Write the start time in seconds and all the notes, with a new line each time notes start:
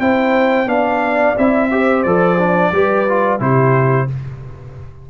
0.00 C4 E4 C5 G5
0.66 B3 D4 D5 F5
1.38 C4 E4 E5
1.71 G4 C5
2.03 F3 A4 D5
2.39 D4
2.72 G3 G4 B4
3.09 F4
3.39 C3 E4 G4 C5